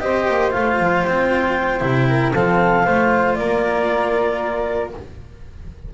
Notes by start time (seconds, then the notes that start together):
0.00 C4 G4 C5 D#5
0.29 A#3
0.51 A3 F4 F5
0.80 F3
1.05 C4 G5
1.81 C3 E4
2.09 A#4
2.34 F3 C4 A4 F5
2.83 A3 F4 C5
3.35 A#3 A#4 D5